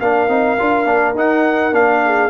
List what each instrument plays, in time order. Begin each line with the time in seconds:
0.00 tuba A#3, trombone D4, horn A#4, trumpet F5
0.28 tuba C4, trombone D#4
0.59 tuba D4, trombone F4
0.86 tuba A#3, trombone D4
1.15 tuba D#4, trombone D#4, trumpet F#5
1.72 tuba A#3, trombone D4, trumpet F5
2.06 horn G#4